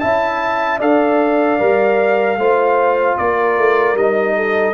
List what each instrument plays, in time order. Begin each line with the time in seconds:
0.00 tuba C#4, trombone E4, horn E5, trumpet A5
0.79 tuba D4, trombone A4, horn D5, trumpet F5
1.59 tuba G3, trombone A#4
2.37 tuba A3, trombone F4, horn C5
3.18 tuba A#3, horn A#4, trumpet D5
3.58 tuba A3
3.94 tuba G3, trombone D#4, trumpet D#5
4.36 horn A4